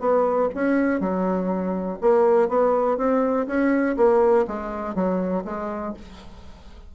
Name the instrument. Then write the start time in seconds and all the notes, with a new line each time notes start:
bassoon
0.00 B3
0.55 C#4
1.00 F#3
2.01 A#3
2.49 B3
2.98 C4
3.47 C#4
3.97 A#3
4.48 G#3
4.95 F#3
5.45 G#3